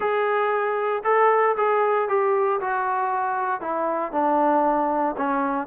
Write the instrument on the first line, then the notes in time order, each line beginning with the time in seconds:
trombone
0.00 G#4
1.04 A4
1.56 G#4
2.08 G4
2.60 F#4
3.60 E4
4.12 D4
5.17 C#4